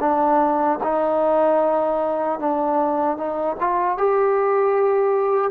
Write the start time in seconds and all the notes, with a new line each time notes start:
0.00 D4
0.83 D#4
2.39 D4
3.17 D#4
3.60 F4
3.98 G4